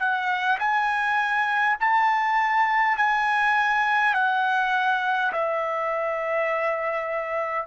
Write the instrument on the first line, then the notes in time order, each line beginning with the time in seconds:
trumpet
0.00 F#5
0.59 G#5
1.80 A5
2.97 G#5
4.14 F#5
5.33 E5